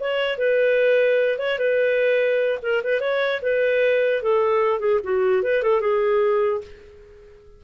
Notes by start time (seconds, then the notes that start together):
0.00 C#5
0.38 B4
1.38 C#5
1.59 B4
2.62 A#4
2.84 B4
3.01 C#5
3.42 B4
4.22 A4
4.80 G#4
5.04 F#4
5.43 B4
5.63 A4
5.81 G#4